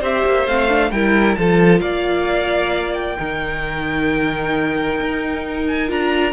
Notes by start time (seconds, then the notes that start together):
0.00 C4 G4 C5 E5
0.25 A#3
0.47 A3 C4 F5
0.69 D4
0.91 G3 E4 A#4 G5
1.35 F3 F4 A4 A5
1.81 A#3 D5 F5
2.94 G5
3.17 D#3 D#4 A#4
5.00 D#4
5.67 G#5
5.88 D4 F4 A#5